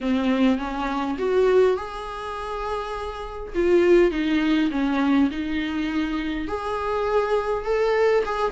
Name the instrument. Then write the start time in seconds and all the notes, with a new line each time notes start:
viola
0.00 C4
0.58 C#4
1.18 F#4
1.76 G#4
3.55 F4
4.11 D#4
4.71 C#4
5.30 D#4
6.47 G#4
7.65 A4
8.25 G#4